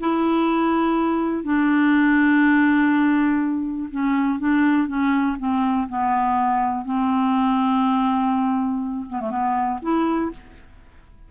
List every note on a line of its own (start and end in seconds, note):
0.00 1.44 E4
1.44 3.90 D4
3.91 4.39 C#4
4.39 4.88 D4
4.88 5.37 C#4
5.39 5.88 C4
5.89 6.85 B3
6.85 9.06 C4
9.09 9.20 B3
9.20 9.30 A3
9.30 9.80 B3
9.82 10.31 E4